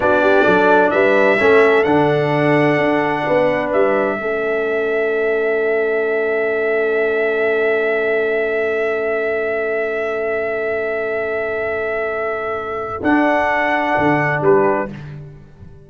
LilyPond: <<
  \new Staff \with { instrumentName = "trumpet" } { \time 4/4 \tempo 4 = 129 d''2 e''2 | fis''1 | e''1~ | e''1~ |
e''1~ | e''1~ | e''1 | fis''2. b'4 | }
  \new Staff \with { instrumentName = "horn" } { \time 4/4 fis'8 g'8 a'4 b'4 a'4~ | a'2. b'4~ | b'4 a'2.~ | a'1~ |
a'1~ | a'1~ | a'1~ | a'2. g'4 | }
  \new Staff \with { instrumentName = "trombone" } { \time 4/4 d'2. cis'4 | d'1~ | d'4 cis'2.~ | cis'1~ |
cis'1~ | cis'1~ | cis'1 | d'1 | }
  \new Staff \with { instrumentName = "tuba" } { \time 4/4 b4 fis4 g4 a4 | d2 d'4 b4 | g4 a2.~ | a1~ |
a1~ | a1~ | a1 | d'2 d4 g4 | }
>>